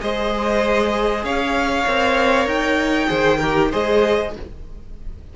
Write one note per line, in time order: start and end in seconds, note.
0.00 1.24 G#3
0.00 1.86 G#4
0.00 1.25 C5
0.00 1.25 D#5
1.24 1.85 C#4
1.24 3.09 C#5
1.24 2.48 F5
1.86 2.46 C4
1.86 3.07 A#4
2.46 3.08 D#4
2.46 3.72 G5
3.07 3.72 D#3
3.07 3.38 G#4
3.07 3.38 C5
3.38 3.71 G4
3.38 3.69 A#4
3.71 4.36 G#3
3.71 4.33 G#4
3.71 4.33 C5
3.71 4.35 D#5